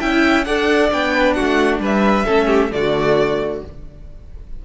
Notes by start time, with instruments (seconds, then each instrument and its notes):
0.00 cello C#4, viola E4, violin E5 G5
0.45 cello D4, viola A4, violin D5 F#5
0.91 cello B3, viola D4, violin G5
1.14 violin B4
1.34 violin F#4 F#5
1.41 cello A3
1.80 cello G3, violin B4 E5
2.26 cello A3, viola C#4, violin A4
2.47 violin G4
2.72 cello D3, viola A3, violin F#4 D5